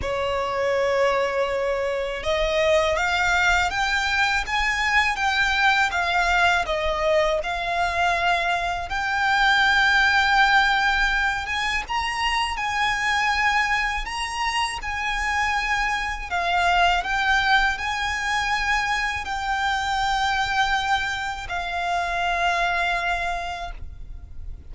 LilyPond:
\new Staff \with { instrumentName = "violin" } { \time 4/4 \tempo 4 = 81 cis''2. dis''4 | f''4 g''4 gis''4 g''4 | f''4 dis''4 f''2 | g''2.~ g''8 gis''8 |
ais''4 gis''2 ais''4 | gis''2 f''4 g''4 | gis''2 g''2~ | g''4 f''2. | }